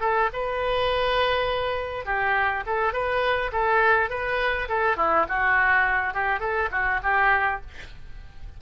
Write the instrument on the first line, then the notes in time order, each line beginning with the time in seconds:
oboe
0.00 A4
0.33 B4
2.05 G4
2.66 A4
2.93 B4
3.52 A4
4.10 B4
4.68 A4
4.96 E4
5.29 F#4
6.13 G4
6.40 A4
6.71 F#4
7.02 G4